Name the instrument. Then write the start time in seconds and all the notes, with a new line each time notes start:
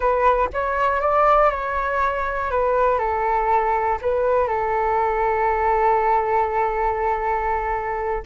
flute
0.00 B4
0.53 C#5
1.00 D5
1.50 C#5
2.50 B4
2.98 A4
4.01 B4
4.47 A4